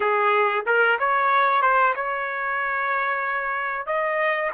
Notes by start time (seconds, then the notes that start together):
0.00 G#4
0.66 A#4
0.99 C#5
1.61 C5
1.95 C#5
3.86 D#5